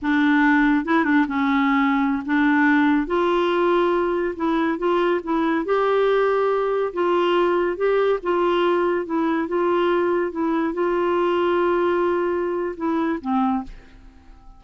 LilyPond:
\new Staff \with { instrumentName = "clarinet" } { \time 4/4 \tempo 4 = 141 d'2 e'8 d'8 cis'4~ | cis'4~ cis'16 d'2 f'8.~ | f'2~ f'16 e'4 f'8.~ | f'16 e'4 g'2~ g'8.~ |
g'16 f'2 g'4 f'8.~ | f'4~ f'16 e'4 f'4.~ f'16~ | f'16 e'4 f'2~ f'8.~ | f'2 e'4 c'4 | }